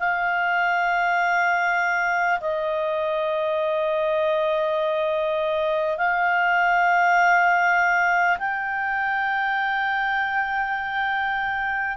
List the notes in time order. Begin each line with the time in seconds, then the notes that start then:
0.00 F5
2.41 D#5
5.98 F5
8.39 G5